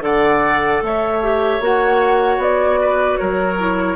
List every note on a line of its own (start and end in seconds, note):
0.00 0.79 D3
0.00 1.18 A4
0.00 0.83 D5
0.00 0.83 F#5
0.82 1.60 A3
0.82 2.80 C#5
0.82 1.63 E5
1.22 1.61 G4
1.60 2.37 A#3
1.60 3.58 F#4
1.60 2.42 F#5
2.37 3.16 B3
2.37 3.17 D5
2.80 3.19 B4
3.17 3.95 F#3
3.17 3.95 A#4
3.17 3.95 C#5
3.58 3.95 E4